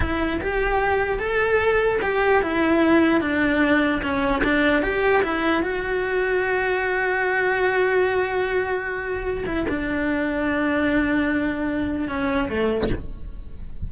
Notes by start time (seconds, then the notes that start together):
0.00 E4
0.40 G4
1.19 A4
2.02 G4
2.42 E4
3.20 D4
4.02 C#4
4.43 D4
4.82 G4
5.22 E4
5.62 F#4
9.46 E4
9.68 D4
12.08 C#4
12.49 A3